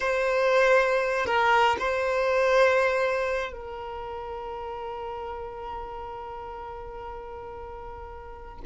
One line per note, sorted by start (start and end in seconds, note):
0.00 1.26 C5
1.26 1.76 A#4
1.79 3.52 C5
3.52 8.60 A#4